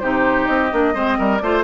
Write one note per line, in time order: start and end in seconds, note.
0.00 0.48 C3
0.00 0.72 D#4
0.00 0.95 G4
0.00 0.46 C5
0.46 0.72 C4
0.46 1.38 D#5
0.72 0.95 A#3
0.72 0.94 D4
0.94 1.19 G#3
0.94 1.41 C4
0.94 1.18 C5
1.19 1.42 G3
1.19 1.42 A#4
1.38 1.65 A3
1.38 1.65 F4
1.38 1.65 C5
1.38 1.61 D5